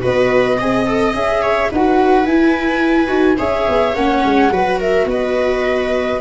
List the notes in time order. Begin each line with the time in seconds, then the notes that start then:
0.00 B3 F#4 B4 D#5
0.58 C4 G#4 D#5
0.86 A4
1.14 C#4 G#4 E5
1.42 C#5
1.71 D#4 F#4 B4 F#5
2.25 E4 G#5
3.07 D#4 F#4
3.38 C#4 G#4 C#5 E5
3.68 B3
3.95 A#3 C#4 F#5
4.25 G#3
4.50 F#3 F#4 B4
4.80 A#4 E5
5.05 B3 B4 D#5